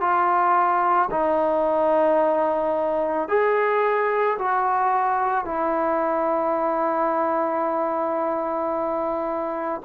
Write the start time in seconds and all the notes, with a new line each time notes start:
0.00 F4
1.11 D#4
3.28 G#4
4.38 F#4
5.44 E4